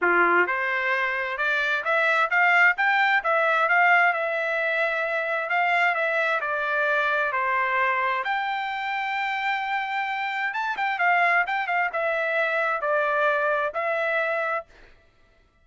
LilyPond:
\new Staff \with { instrumentName = "trumpet" } { \time 4/4 \tempo 4 = 131 f'4 c''2 d''4 | e''4 f''4 g''4 e''4 | f''4 e''2. | f''4 e''4 d''2 |
c''2 g''2~ | g''2. a''8 g''8 | f''4 g''8 f''8 e''2 | d''2 e''2 | }